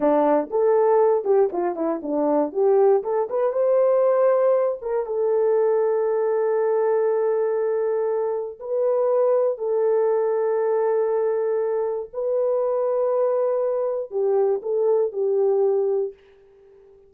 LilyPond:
\new Staff \with { instrumentName = "horn" } { \time 4/4 \tempo 4 = 119 d'4 a'4. g'8 f'8 e'8 | d'4 g'4 a'8 b'8 c''4~ | c''4. ais'8 a'2~ | a'1~ |
a'4 b'2 a'4~ | a'1 | b'1 | g'4 a'4 g'2 | }